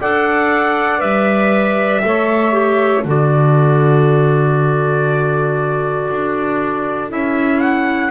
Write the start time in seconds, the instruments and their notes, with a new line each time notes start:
0.00 double bass D4, clarinet A4, saxophone D5, trumpet F#5
0.99 double bass G3, clarinet B4, trumpet E5
2.03 double bass A3, clarinet A4, saxophone C#5
2.52 clarinet G4
3.05 double bass D3, clarinet F#4, saxophone A4, trumpet D5
6.11 double bass D4
7.10 double bass C#4, clarinet E4, trumpet E5
7.60 trumpet F#5